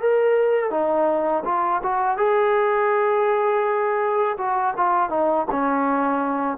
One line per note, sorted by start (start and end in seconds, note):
0.00 0.70 A#4
0.70 1.43 D#4
1.45 1.81 F4
1.82 2.17 F#4
2.17 4.36 G#4
4.37 4.74 F#4
4.77 5.10 F4
5.10 5.46 D#4
5.51 6.58 C#4